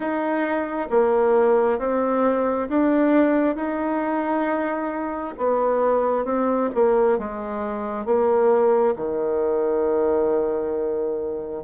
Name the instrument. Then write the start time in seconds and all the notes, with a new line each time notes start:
bassoon
0.00 D#4
0.90 A#3
1.78 C4
2.68 D4
3.55 D#4
5.37 B3
6.24 C4
6.74 A#3
7.18 G#3
8.05 A#3
8.96 D#3